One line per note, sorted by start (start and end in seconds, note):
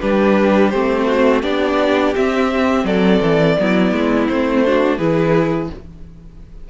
0.00 0.73 G3
0.00 0.71 D4
0.00 1.06 G4
0.00 0.70 B4
0.70 1.43 A3
0.70 1.42 C4
0.70 1.41 C5
1.06 1.42 F#4
1.42 2.14 B3
1.42 2.14 D4
1.42 2.85 G4
1.42 2.14 D5
2.15 3.57 C4
2.15 2.84 C4
2.15 2.85 E5
2.84 3.19 F#3
2.84 3.57 A4
2.84 4.27 D5
3.21 3.56 E3
3.59 3.92 F#3
3.59 4.30 B3
3.59 4.65 E4
3.92 4.28 G#3
4.27 4.98 A3
4.27 4.65 C4
4.27 4.97 C5
4.65 4.98 D4
4.65 4.97 F#4
4.97 5.69 E3
4.97 5.70 E4
4.97 5.69 G#4
4.97 5.69 B4